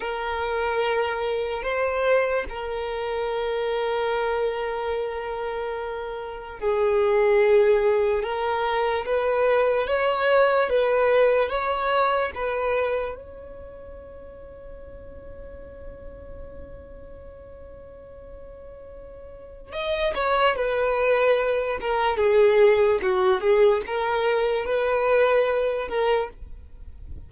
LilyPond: \new Staff \with { instrumentName = "violin" } { \time 4/4 \tempo 4 = 73 ais'2 c''4 ais'4~ | ais'1 | gis'2 ais'4 b'4 | cis''4 b'4 cis''4 b'4 |
cis''1~ | cis''1 | dis''8 cis''8 b'4. ais'8 gis'4 | fis'8 gis'8 ais'4 b'4. ais'8 | }